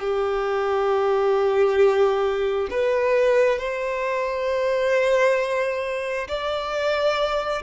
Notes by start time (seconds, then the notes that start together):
0.00 G4
2.71 B4
3.59 C5
6.28 D5